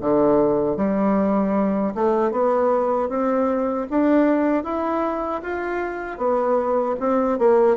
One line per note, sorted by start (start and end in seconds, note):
0.00 0.76 D3
0.76 1.93 G3
1.94 2.31 A3
2.31 3.09 B3
3.09 3.86 C4
3.90 4.63 D4
4.63 5.41 E4
5.42 6.17 F4
6.17 6.95 B3
6.99 7.38 C4
7.38 7.76 A#3